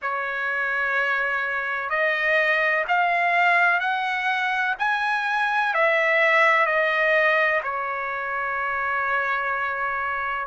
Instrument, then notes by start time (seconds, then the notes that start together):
trumpet
0.02 C#5
1.89 D#5
2.87 F5
3.80 F#5
4.78 G#5
5.74 E5
6.66 D#5
7.63 C#5